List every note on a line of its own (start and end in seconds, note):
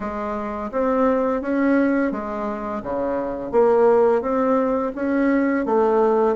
0.00 0.71 G#3
0.71 1.41 C4
1.41 2.11 C#4
2.11 2.82 G#3
2.82 3.51 C#3
3.51 4.21 A#3
4.21 4.92 C4
4.95 5.65 C#4
5.65 6.36 A3